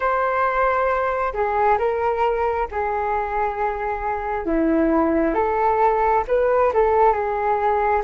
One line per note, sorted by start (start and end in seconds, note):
0.00 1.33 C5
1.33 1.78 G#4
1.78 2.67 A#4
2.71 4.45 G#4
4.45 5.34 E4
5.34 6.24 A4
6.27 6.72 B4
6.73 7.12 A4
7.12 8.02 G#4